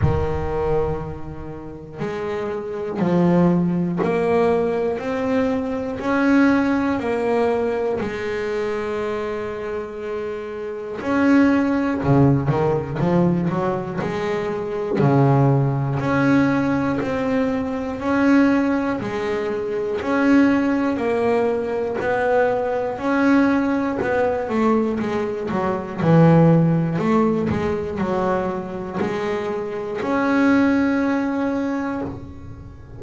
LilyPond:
\new Staff \with { instrumentName = "double bass" } { \time 4/4 \tempo 4 = 60 dis2 gis4 f4 | ais4 c'4 cis'4 ais4 | gis2. cis'4 | cis8 dis8 f8 fis8 gis4 cis4 |
cis'4 c'4 cis'4 gis4 | cis'4 ais4 b4 cis'4 | b8 a8 gis8 fis8 e4 a8 gis8 | fis4 gis4 cis'2 | }